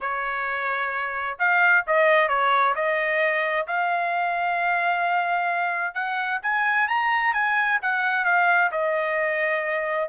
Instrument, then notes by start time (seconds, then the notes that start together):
trumpet
0.00 C#5
1.38 F5
1.86 D#5
2.28 C#5
2.75 D#5
3.67 F5
5.94 F#5
6.42 G#5
6.88 A#5
7.33 G#5
7.82 F#5
8.24 F5
8.71 D#5